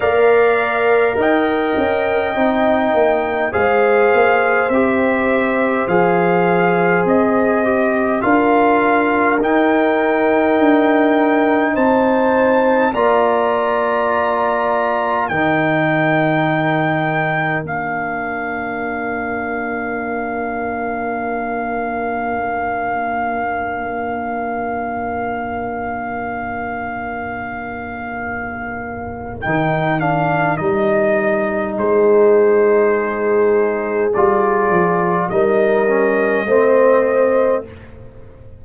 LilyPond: <<
  \new Staff \with { instrumentName = "trumpet" } { \time 4/4 \tempo 4 = 51 f''4 g''2 f''4 | e''4 f''4 dis''4 f''4 | g''2 a''4 ais''4~ | ais''4 g''2 f''4~ |
f''1~ | f''1~ | f''4 g''8 f''8 dis''4 c''4~ | c''4 d''4 dis''2 | }
  \new Staff \with { instrumentName = "horn" } { \time 4/4 d''4 dis''2 c''4~ | c''2. ais'4~ | ais'2 c''4 d''4~ | d''4 ais'2.~ |
ais'1~ | ais'1~ | ais'2. gis'4~ | gis'2 ais'4 c''4 | }
  \new Staff \with { instrumentName = "trombone" } { \time 4/4 ais'2 dis'4 gis'4 | g'4 gis'4. g'8 f'4 | dis'2. f'4~ | f'4 dis'2 d'4~ |
d'1~ | d'1~ | d'4 dis'8 d'8 dis'2~ | dis'4 f'4 dis'8 cis'8 c'4 | }
  \new Staff \with { instrumentName = "tuba" } { \time 4/4 ais4 dis'8 cis'8 c'8 ais8 gis8 ais8 | c'4 f4 c'4 d'4 | dis'4 d'4 c'4 ais4~ | ais4 dis2 ais4~ |
ais1~ | ais1~ | ais4 dis4 g4 gis4~ | gis4 g8 f8 g4 a4 | }
>>